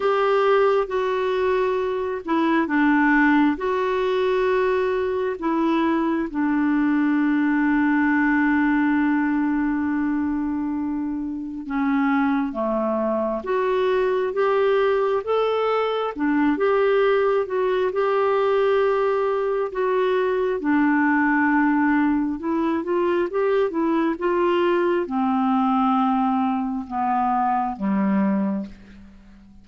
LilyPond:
\new Staff \with { instrumentName = "clarinet" } { \time 4/4 \tempo 4 = 67 g'4 fis'4. e'8 d'4 | fis'2 e'4 d'4~ | d'1~ | d'4 cis'4 a4 fis'4 |
g'4 a'4 d'8 g'4 fis'8 | g'2 fis'4 d'4~ | d'4 e'8 f'8 g'8 e'8 f'4 | c'2 b4 g4 | }